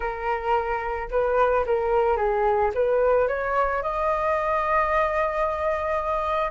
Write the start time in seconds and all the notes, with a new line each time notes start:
0.00 A#4
1.10 B4
1.66 A#4
2.16 G#4
2.74 B4
3.28 C#5
3.82 D#5